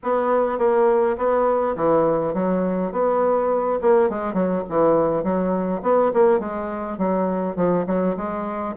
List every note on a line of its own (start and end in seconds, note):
0.03 0.58 B3
0.58 1.17 A#3
1.17 1.75 B3
1.76 2.34 E3
2.34 2.92 F#3
2.92 3.79 B3
3.81 4.09 A#3
4.09 4.33 G#3
4.33 4.62 F#3
4.69 5.23 E3
5.23 5.81 F#3
5.82 6.11 B3
6.13 6.39 A#3
6.39 6.97 G#3
6.98 7.56 F#3
7.56 7.85 F3
7.86 8.16 F#3
8.16 8.75 G#3